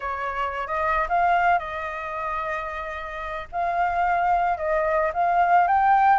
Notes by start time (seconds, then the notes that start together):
0.00 C#5
0.67 D#5
1.08 F5
1.58 D#5
3.52 F5
4.57 D#5
5.13 F5
5.67 G5